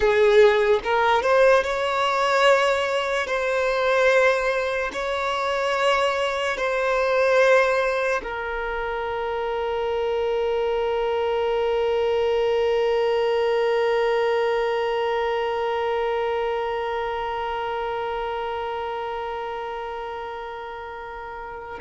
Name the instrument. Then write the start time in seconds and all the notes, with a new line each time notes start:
violin
0.00 G#4
0.83 A#4
1.22 C5
1.63 C#5
3.27 C5
4.92 C#5
6.57 C5
8.23 A#4